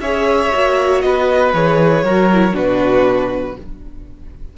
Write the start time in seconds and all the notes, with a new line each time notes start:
0.00 C#4 G#4 C#5 E5
0.52 A#3 F#4
1.01 B3 B4 D#5
1.53 E3 G#4 C#5
2.04 F#3 F#4 A#4
2.33 E4
2.52 B2 D4 F#4 B4